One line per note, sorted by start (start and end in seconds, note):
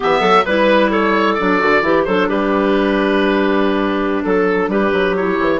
0.00 0.20 E3
0.00 0.43 B3
0.00 0.20 G4
0.00 0.45 E5
0.20 0.43 F#3
0.20 0.43 A4
0.45 1.38 G3
0.45 1.39 E4
0.45 0.90 B4
0.90 1.82 A4
0.90 1.34 C#5
1.34 1.62 F#3
1.34 1.59 D4
1.34 2.03 D5
1.59 1.82 D3
1.59 1.82 F#4
1.82 2.05 E3
1.82 2.05 E4
1.82 2.07 G4
2.04 2.29 F#3
2.04 5.17 D4
2.04 2.29 A4
2.04 2.27 C5
2.29 4.24 G3
2.29 4.24 G4
2.29 4.24 B4
4.24 4.68 F#3
4.24 4.69 A4
4.24 4.70 A4
4.68 4.91 G3
4.68 5.60 G4
4.68 5.16 B4
4.92 5.38 F#3
5.16 5.60 E4
5.16 5.60 C#5
5.39 5.60 E3